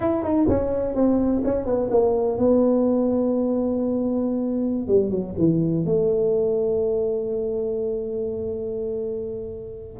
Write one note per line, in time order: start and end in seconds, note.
0.00 0.23 E4
0.23 0.47 D#4
0.48 0.94 C#4
0.94 1.42 C4
1.44 1.65 C#4
1.65 1.89 B3
1.90 2.38 A#3
2.38 4.87 B3
4.87 5.10 G3
5.10 5.34 F#3
5.38 5.85 E3
5.85 9.99 A3